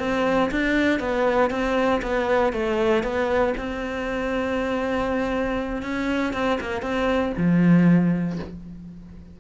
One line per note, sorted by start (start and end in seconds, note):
0.00 0.51 C4
0.52 1.00 D4
1.00 1.51 B3
1.51 2.02 C4
2.02 2.53 B3
2.53 3.04 A3
3.04 3.55 B3
3.58 5.83 C4
5.83 6.34 C#4
6.34 6.59 C4
6.61 6.83 A#3
6.83 7.34 C4
7.38 8.39 F3